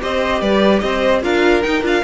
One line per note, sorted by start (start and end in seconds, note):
0.00 0.41 C4
0.00 1.22 G4
0.00 0.41 C5
0.00 0.41 D#5
0.41 0.82 G3
0.41 0.82 B4
0.41 0.79 D5
0.79 1.23 C4
0.79 1.23 C5
0.79 1.20 D#5
1.22 1.64 D4
1.22 1.63 F4
1.22 2.04 A#4
1.22 1.62 F5
1.62 1.82 D#4
1.62 1.82 G5
1.82 2.03 D4
1.82 2.02 F4
1.82 2.04 F5